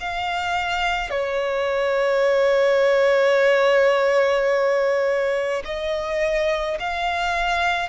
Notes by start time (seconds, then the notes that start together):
0.00 F5
1.10 C#5
5.64 D#5
6.79 F5